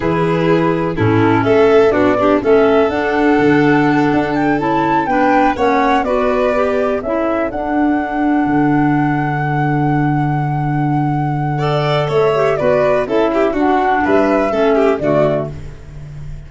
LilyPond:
<<
  \new Staff \with { instrumentName = "flute" } { \time 4/4 \tempo 4 = 124 b'2 a'4 e''4 | d''4 e''4 fis''2~ | fis''4 g''8 a''4 g''4 fis''8~ | fis''8 d''2 e''4 fis''8~ |
fis''1~ | fis''1~ | fis''4 e''4 d''4 e''4 | fis''4 e''2 d''4 | }
  \new Staff \with { instrumentName = "violin" } { \time 4/4 gis'2 e'4 a'4 | fis'8 d'8 a'2.~ | a'2~ a'8 b'4 cis''8~ | cis''8 b'2 a'4.~ |
a'1~ | a'1 | d''4 cis''4 b'4 a'8 g'8 | fis'4 b'4 a'8 g'8 fis'4 | }
  \new Staff \with { instrumentName = "clarinet" } { \time 4/4 e'2 cis'2 | d'8 g'8 cis'4 d'2~ | d'4. e'4 d'4 cis'8~ | cis'8 fis'4 g'4 e'4 d'8~ |
d'1~ | d'1 | a'4. g'8 fis'4 e'4 | d'2 cis'4 a4 | }
  \new Staff \with { instrumentName = "tuba" } { \time 4/4 e2 a,4 a4 | b4 a4 d'4 d4~ | d8 d'4 cis'4 b4 ais8~ | ais8 b2 cis'4 d'8~ |
d'4. d2~ d8~ | d1~ | d4 a4 b4 cis'4 | d'4 g4 a4 d4 | }
>>